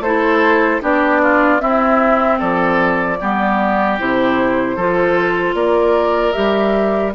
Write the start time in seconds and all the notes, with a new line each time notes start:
0.00 A3 E4 A4 C5
0.81 B3 D4 G4 D5
1.22 F4
1.59 C4 E4 E5
2.38 F3 A4 D5
3.20 G3 B3 G4
3.98 C3 E4 C5
4.76 F3 F4 A4
5.54 A#3 A#4 D5
6.32 G3 G4 E5